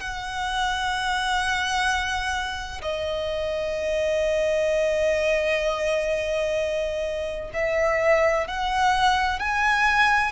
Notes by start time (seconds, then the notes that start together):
0.00 F#5
2.82 D#5
7.53 E5
8.47 F#5
9.39 G#5